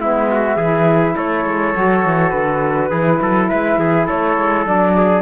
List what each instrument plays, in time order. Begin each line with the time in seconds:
0.00 cello G#3, saxophone B3, trumpet E4, flute E5
0.30 trumpet F#4
0.56 cello E3, saxophone E4, trumpet G#4
1.15 cello A3, trumpet A4, flute C#5
1.45 cello G#3
1.74 cello F#3, saxophone F#4
2.05 cello E3
2.30 cello D3, flute B4
2.90 cello E3, saxophone E4, trumpet G#4
3.21 cello F#3, trumpet A4
3.48 cello G#3, trumpet B4, flute E5
3.78 cello E3, trumpet G#4
4.06 cello A3, trumpet A4, flute C#5
4.38 cello G#3
4.65 cello F#3, saxophone D4, flute D5
4.96 trumpet G#4